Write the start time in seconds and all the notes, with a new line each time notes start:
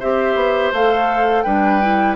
0.00 C4 G4 C5 E5
0.36 B3
0.73 A3 A4 F5
1.43 G3 D4 B4 G5
1.82 E4